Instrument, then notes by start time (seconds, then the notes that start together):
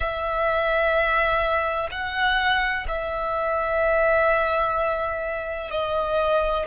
violin
0.00 E5
1.90 F#5
2.88 E5
5.71 D#5